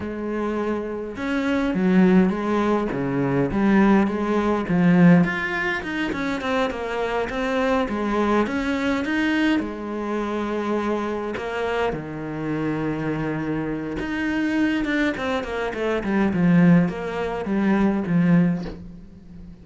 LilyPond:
\new Staff \with { instrumentName = "cello" } { \time 4/4 \tempo 4 = 103 gis2 cis'4 fis4 | gis4 cis4 g4 gis4 | f4 f'4 dis'8 cis'8 c'8 ais8~ | ais8 c'4 gis4 cis'4 dis'8~ |
dis'8 gis2. ais8~ | ais8 dis2.~ dis8 | dis'4. d'8 c'8 ais8 a8 g8 | f4 ais4 g4 f4 | }